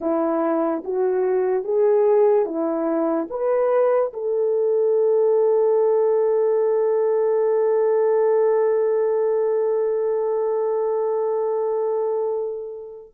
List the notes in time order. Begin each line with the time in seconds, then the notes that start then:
0.00 E4
0.84 F#4
1.64 G#4
2.45 E4
3.30 B4
4.13 A4